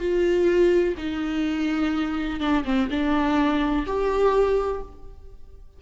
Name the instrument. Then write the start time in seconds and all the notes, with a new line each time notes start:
viola
0.00 F4
0.97 D#4
2.40 D4
2.65 C4
2.90 D4
3.87 G4